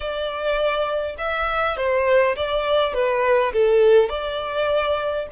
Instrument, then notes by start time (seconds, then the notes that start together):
violin
0.00 D5
1.18 E5
1.76 C5
2.36 D5
2.93 B4
3.53 A4
4.09 D5